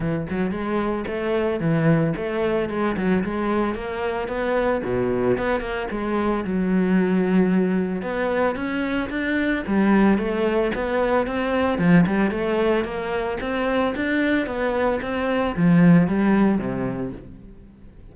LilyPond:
\new Staff \with { instrumentName = "cello" } { \time 4/4 \tempo 4 = 112 e8 fis8 gis4 a4 e4 | a4 gis8 fis8 gis4 ais4 | b4 b,4 b8 ais8 gis4 | fis2. b4 |
cis'4 d'4 g4 a4 | b4 c'4 f8 g8 a4 | ais4 c'4 d'4 b4 | c'4 f4 g4 c4 | }